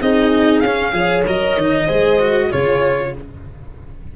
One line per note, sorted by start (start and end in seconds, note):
0.00 0.62 C4
0.00 0.64 D#4
0.00 0.94 G#4
0.00 0.61 D#5
0.61 0.93 C#4
0.61 1.23 F5
0.67 0.93 C#4
0.93 1.24 F3
0.93 1.24 G#4
0.93 1.86 C#5
1.27 1.57 F#3
1.27 1.59 A#4
1.27 2.52 D#5
1.57 1.88 D#3
1.57 1.89 D#4
1.86 2.52 G#3
1.86 2.20 G#4
1.86 2.48 C5
2.20 2.51 F#4
2.48 3.16 C#3
2.48 3.13 F4
2.48 3.11 G#4
2.48 3.14 C#5